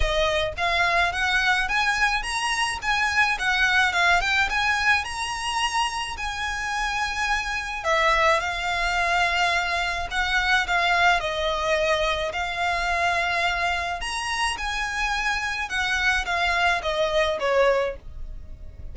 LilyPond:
\new Staff \with { instrumentName = "violin" } { \time 4/4 \tempo 4 = 107 dis''4 f''4 fis''4 gis''4 | ais''4 gis''4 fis''4 f''8 g''8 | gis''4 ais''2 gis''4~ | gis''2 e''4 f''4~ |
f''2 fis''4 f''4 | dis''2 f''2~ | f''4 ais''4 gis''2 | fis''4 f''4 dis''4 cis''4 | }